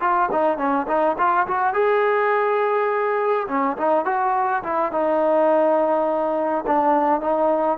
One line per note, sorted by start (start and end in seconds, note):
0.00 0.29 F4
0.31 0.57 D#4
0.57 0.86 C#4
0.87 1.16 D#4
1.18 1.47 F4
1.47 1.73 F#4
1.73 3.46 G#4
3.48 3.77 C#4
3.77 4.05 D#4
4.05 4.63 F#4
4.63 4.92 E4
4.92 6.65 D#4
6.66 7.20 D4
7.20 7.78 D#4